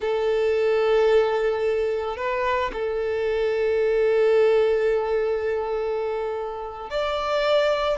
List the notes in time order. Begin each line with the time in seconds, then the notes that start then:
0.00 A4
2.16 B4
2.73 A4
6.89 D5